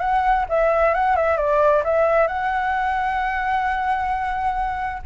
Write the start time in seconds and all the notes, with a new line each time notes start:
0.00 F#5
0.49 E5
0.94 F#5
1.17 E5
1.37 D5
1.84 E5
2.28 F#5